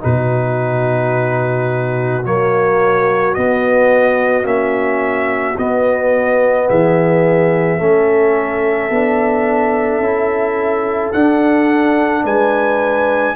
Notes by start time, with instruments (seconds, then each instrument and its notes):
0.00 tuba B2, trombone D#4, horn F#4, trumpet B4
2.25 tuba F#3, trombone A#3, trumpet C#5
3.34 trombone B3, tuba B3, trumpet D#5
4.44 tuba A#3, trombone C#4, trumpet E5
5.57 tuba B3, trombone B3, trumpet D#5
6.69 tuba E3, horn G#4, trumpet E5
7.79 tuba A3, trombone C#4, horn A4
8.90 tuba B3, trombone D4
9.99 tuba C#4, trombone E4
11.12 tuba D4, trombone D4, trumpet F#5
12.24 tuba G#3, horn B4, trumpet G#5